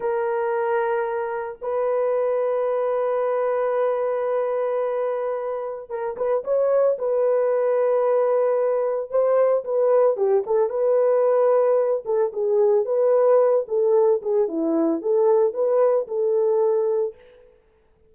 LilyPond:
\new Staff \with { instrumentName = "horn" } { \time 4/4 \tempo 4 = 112 ais'2. b'4~ | b'1~ | b'2. ais'8 b'8 | cis''4 b'2.~ |
b'4 c''4 b'4 g'8 a'8 | b'2~ b'8 a'8 gis'4 | b'4. a'4 gis'8 e'4 | a'4 b'4 a'2 | }